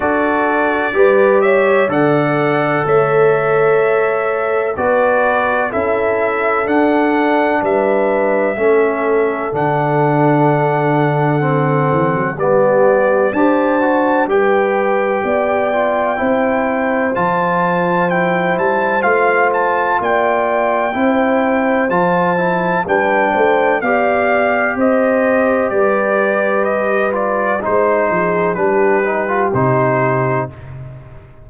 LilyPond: <<
  \new Staff \with { instrumentName = "trumpet" } { \time 4/4 \tempo 4 = 63 d''4. e''8 fis''4 e''4~ | e''4 d''4 e''4 fis''4 | e''2 fis''2~ | fis''4 d''4 a''4 g''4~ |
g''2 a''4 g''8 a''8 | f''8 a''8 g''2 a''4 | g''4 f''4 dis''4 d''4 | dis''8 d''8 c''4 b'4 c''4 | }
  \new Staff \with { instrumentName = "horn" } { \time 4/4 a'4 b'8 cis''8 d''4 cis''4~ | cis''4 b'4 a'2 | b'4 a'2.~ | a'4 g'4 c''4 b'4 |
d''4 c''2.~ | c''4 d''4 c''2 | b'8 c''8 d''4 c''4 b'4~ | b'4 c''8 gis'8 g'2 | }
  \new Staff \with { instrumentName = "trombone" } { \time 4/4 fis'4 g'4 a'2~ | a'4 fis'4 e'4 d'4~ | d'4 cis'4 d'2 | c'4 b4 g'8 fis'8 g'4~ |
g'8 f'8 e'4 f'4 e'4 | f'2 e'4 f'8 e'8 | d'4 g'2.~ | g'8 f'8 dis'4 d'8 dis'16 f'16 dis'4 | }
  \new Staff \with { instrumentName = "tuba" } { \time 4/4 d'4 g4 d4 a4~ | a4 b4 cis'4 d'4 | g4 a4 d2~ | d8 e16 fis16 g4 d'4 g4 |
b4 c'4 f4. g8 | a4 ais4 c'4 f4 | g8 a8 b4 c'4 g4~ | g4 gis8 f8 g4 c4 | }
>>